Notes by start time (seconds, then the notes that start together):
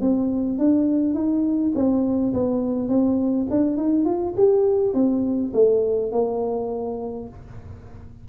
0.00 C4
0.58 D4
1.14 D#4
1.74 C4
2.33 B3
2.88 C4
3.50 D4
3.77 D#4
4.05 F4
4.36 G4
4.94 C4
5.53 A3
6.12 A#3